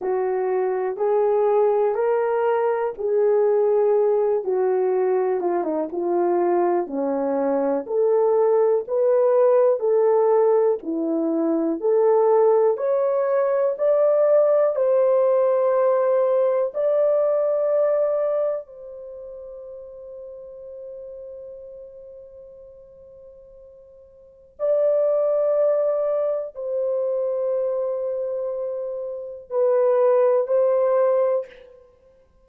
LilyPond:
\new Staff \with { instrumentName = "horn" } { \time 4/4 \tempo 4 = 61 fis'4 gis'4 ais'4 gis'4~ | gis'8 fis'4 f'16 dis'16 f'4 cis'4 | a'4 b'4 a'4 e'4 | a'4 cis''4 d''4 c''4~ |
c''4 d''2 c''4~ | c''1~ | c''4 d''2 c''4~ | c''2 b'4 c''4 | }